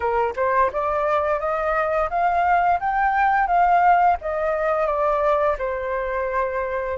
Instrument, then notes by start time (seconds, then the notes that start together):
flute
0.00 A#4
0.36 C5
0.72 D5
1.39 D#5
2.10 F5
2.80 G5
3.47 F5
4.21 D#5
4.86 D5
5.58 C5